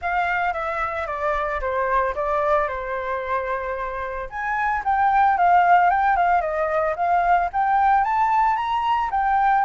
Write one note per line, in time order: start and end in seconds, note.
0.01 0.53 F5
0.53 1.06 E5
1.07 1.60 D5
1.60 2.14 C5
2.15 2.68 D5
2.68 4.28 C5
4.29 4.83 G#5
4.84 5.37 G5
5.37 5.90 F5
5.90 6.16 G5
6.16 6.41 F5
6.41 6.94 D#5
6.96 7.49 F5
7.53 8.04 G5
8.04 8.56 A5
8.56 9.10 A#5
9.10 9.64 G5